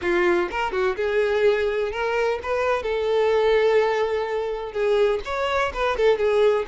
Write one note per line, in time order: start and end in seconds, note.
0.01 0.49 F4
0.50 0.72 A#4
0.72 0.95 F#4
0.96 1.91 G#4
1.91 2.39 A#4
2.42 2.82 B4
2.82 4.72 A4
4.72 5.20 G#4
5.24 5.72 C#5
5.73 5.97 B4
5.97 6.18 A4
6.18 6.65 G#4